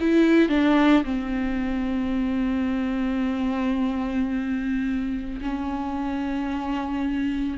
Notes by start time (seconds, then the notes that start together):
0.00 E4
0.49 D4
1.04 C4
5.41 C#4